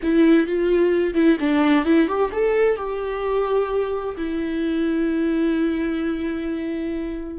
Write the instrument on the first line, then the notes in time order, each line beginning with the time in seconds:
viola
0.02 E4
0.47 F4
1.14 E4
1.39 D4
1.85 E4
2.07 G4
2.32 A4
2.77 G4
4.17 E4